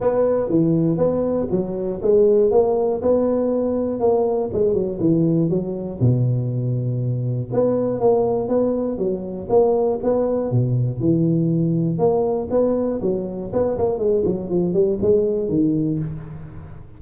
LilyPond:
\new Staff \with { instrumentName = "tuba" } { \time 4/4 \tempo 4 = 120 b4 e4 b4 fis4 | gis4 ais4 b2 | ais4 gis8 fis8 e4 fis4 | b,2. b4 |
ais4 b4 fis4 ais4 | b4 b,4 e2 | ais4 b4 fis4 b8 ais8 | gis8 fis8 f8 g8 gis4 dis4 | }